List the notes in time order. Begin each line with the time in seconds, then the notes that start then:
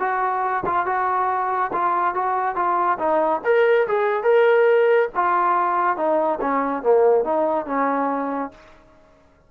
0.00 F#4
0.66 F4
0.86 F#4
1.73 F4
2.15 F#4
2.56 F4
2.99 D#4
3.45 A#4
3.88 G#4
4.24 A#4
5.15 F4
5.97 D#4
6.41 C#4
6.83 A#3
7.25 D#4
7.66 C#4